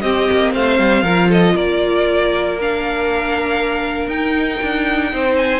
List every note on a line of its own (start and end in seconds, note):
0.00 0.27 C4
0.00 1.05 C4
0.00 0.53 G4
0.00 0.51 D#5
0.32 0.54 A#3
0.54 0.78 A3
0.54 1.02 C5
0.54 1.30 F5
0.78 1.02 G3
1.02 1.53 F3
1.02 2.58 F4
1.02 1.28 A#4
1.28 1.53 A4
1.28 1.56 D#5
1.54 4.07 A#3
1.54 5.10 A#4
1.54 2.58 D5
2.60 4.10 D4
2.60 4.08 F5
4.07 4.58 D#4
4.07 5.59 D#4
4.07 5.35 G5
4.62 5.12 D4
5.12 5.59 C4
5.12 5.59 C5
5.36 5.59 G#5